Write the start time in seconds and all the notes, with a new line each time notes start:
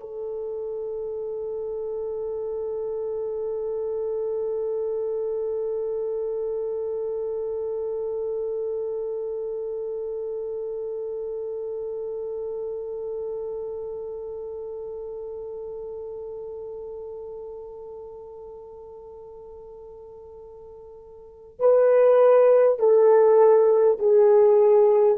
0.00 A4
21.59 B4
22.79 A4
23.99 G#4